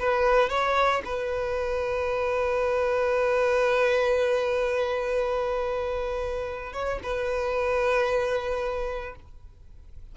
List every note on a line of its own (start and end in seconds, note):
0.00 0.50 B4
0.50 1.03 C#5
1.05 6.74 B4
6.74 7.00 C#5
7.03 9.16 B4